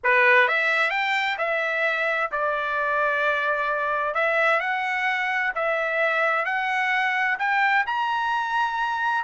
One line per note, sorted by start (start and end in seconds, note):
0.03 0.47 B4
0.47 0.90 E5
0.90 1.36 G5
1.38 2.30 E5
2.31 4.14 D5
4.14 4.60 E5
4.60 5.52 F#5
5.55 6.45 E5
6.45 7.37 F#5
7.38 7.85 G5
7.86 9.24 A#5